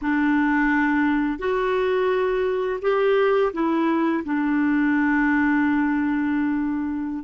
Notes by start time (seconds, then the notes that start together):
0.01 D4
1.38 F#4
2.81 G4
3.53 E4
4.24 D4